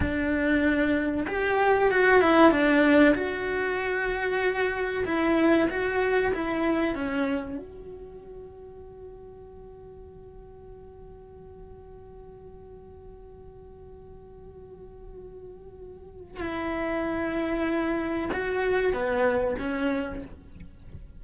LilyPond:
\new Staff \with { instrumentName = "cello" } { \time 4/4 \tempo 4 = 95 d'2 g'4 fis'8 e'8 | d'4 fis'2. | e'4 fis'4 e'4 cis'4 | fis'1~ |
fis'1~ | fis'1~ | fis'2 e'2~ | e'4 fis'4 b4 cis'4 | }